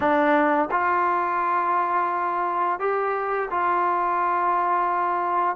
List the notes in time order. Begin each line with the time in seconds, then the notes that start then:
0.00 D4
0.71 F4
2.79 G4
3.50 F4